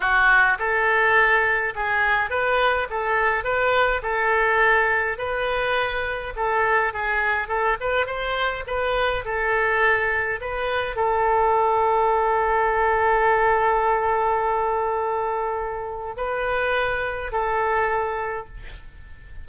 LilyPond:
\new Staff \with { instrumentName = "oboe" } { \time 4/4 \tempo 4 = 104 fis'4 a'2 gis'4 | b'4 a'4 b'4 a'4~ | a'4 b'2 a'4 | gis'4 a'8 b'8 c''4 b'4 |
a'2 b'4 a'4~ | a'1~ | a'1 | b'2 a'2 | }